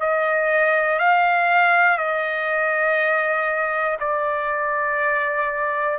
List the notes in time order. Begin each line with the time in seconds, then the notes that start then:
0.00 D#5
1.00 F5
1.98 D#5
4.00 D5